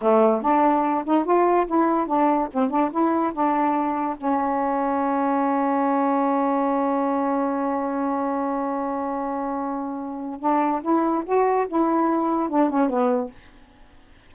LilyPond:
\new Staff \with { instrumentName = "saxophone" } { \time 4/4 \tempo 4 = 144 a4 d'4. dis'8 f'4 | e'4 d'4 c'8 d'8 e'4 | d'2 cis'2~ | cis'1~ |
cis'1~ | cis'1~ | cis'4 d'4 e'4 fis'4 | e'2 d'8 cis'8 b4 | }